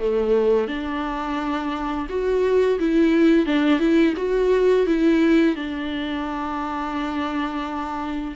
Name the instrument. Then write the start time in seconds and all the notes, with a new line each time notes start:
viola
0.00 A3
0.68 D4
2.10 F#4
2.80 E4
3.46 D4
3.80 E4
4.18 F#4
4.87 E4
5.56 D4